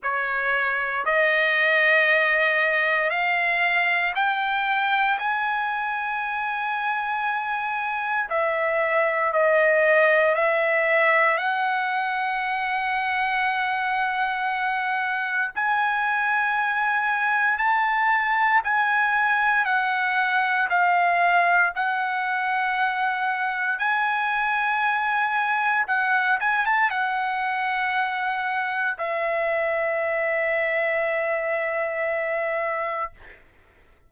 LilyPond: \new Staff \with { instrumentName = "trumpet" } { \time 4/4 \tempo 4 = 58 cis''4 dis''2 f''4 | g''4 gis''2. | e''4 dis''4 e''4 fis''4~ | fis''2. gis''4~ |
gis''4 a''4 gis''4 fis''4 | f''4 fis''2 gis''4~ | gis''4 fis''8 gis''16 a''16 fis''2 | e''1 | }